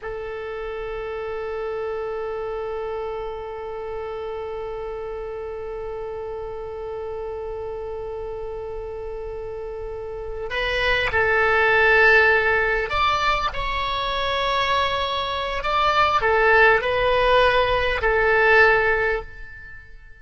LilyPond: \new Staff \with { instrumentName = "oboe" } { \time 4/4 \tempo 4 = 100 a'1~ | a'1~ | a'1~ | a'1~ |
a'4. b'4 a'4.~ | a'4. d''4 cis''4.~ | cis''2 d''4 a'4 | b'2 a'2 | }